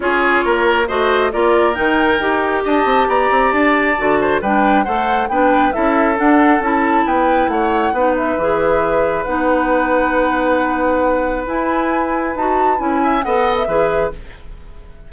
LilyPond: <<
  \new Staff \with { instrumentName = "flute" } { \time 4/4 \tempo 4 = 136 cis''2 dis''4 d''4 | g''2 a''4 ais''4 | a''2 g''4 fis''4 | g''4 e''4 fis''4 a''4 |
g''4 fis''4. e''4.~ | e''4 fis''2.~ | fis''2 gis''2 | a''4 gis''4 fis''8. e''4~ e''16 | }
  \new Staff \with { instrumentName = "oboe" } { \time 4/4 gis'4 ais'4 c''4 ais'4~ | ais'2 dis''4 d''4~ | d''4. c''8 b'4 c''4 | b'4 a'2. |
b'4 cis''4 b'2~ | b'1~ | b'1~ | b'4. e''8 dis''4 b'4 | }
  \new Staff \with { instrumentName = "clarinet" } { \time 4/4 f'2 fis'4 f'4 | dis'4 g'2.~ | g'4 fis'4 d'4 a'4 | d'4 e'4 d'4 e'4~ |
e'2 dis'4 gis'4~ | gis'4 dis'2.~ | dis'2 e'2 | fis'4 e'4 a'4 gis'4 | }
  \new Staff \with { instrumentName = "bassoon" } { \time 4/4 cis'4 ais4 a4 ais4 | dis4 dis'4 d'8 c'8 b8 c'8 | d'4 d4 g4 a4 | b4 cis'4 d'4 cis'4 |
b4 a4 b4 e4~ | e4 b2.~ | b2 e'2 | dis'4 cis'4 b4 e4 | }
>>